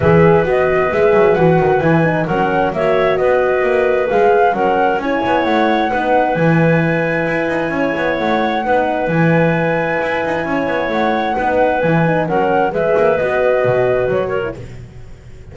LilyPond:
<<
  \new Staff \with { instrumentName = "flute" } { \time 4/4 \tempo 4 = 132 e''4 dis''4 e''4 fis''4 | gis''4 fis''4 e''4 dis''4~ | dis''4 f''4 fis''4 gis''4 | fis''2 gis''2~ |
gis''2 fis''2 | gis''1 | fis''2 gis''4 fis''4 | e''4 dis''2 cis''4 | }
  \new Staff \with { instrumentName = "clarinet" } { \time 4/4 b'1~ | b'4 ais'4 cis''4 b'4~ | b'2 ais'4 cis''4~ | cis''4 b'2.~ |
b'4 cis''2 b'4~ | b'2. cis''4~ | cis''4 b'2 ais'4 | b'2.~ b'8 ais'8 | }
  \new Staff \with { instrumentName = "horn" } { \time 4/4 gis'4 fis'4 gis'4 fis'4 | e'8 dis'8 cis'4 fis'2~ | fis'4 gis'4 cis'4 e'4~ | e'4 dis'4 e'2~ |
e'2. dis'4 | e'1~ | e'4 dis'4 e'8 dis'8 cis'4 | gis'4 fis'2~ fis'8. e'16 | }
  \new Staff \with { instrumentName = "double bass" } { \time 4/4 e4 b4 gis8 fis8 e8 dis8 | e4 fis4 ais4 b4 | ais4 gis4 fis4 cis'8 b8 | a4 b4 e2 |
e'8 dis'8 cis'8 b8 a4 b4 | e2 e'8 dis'8 cis'8 b8 | a4 b4 e4 fis4 | gis8 ais8 b4 b,4 fis4 | }
>>